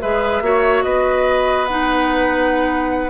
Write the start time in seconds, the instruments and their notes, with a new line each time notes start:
0.00 bassoon G#3, clarinet G#4, oboe B4, flute E5
0.41 bassoon A#3, clarinet F#4, oboe C#5
0.83 bassoon B3, oboe B4, flute D#5
1.65 clarinet D#4, flute F#5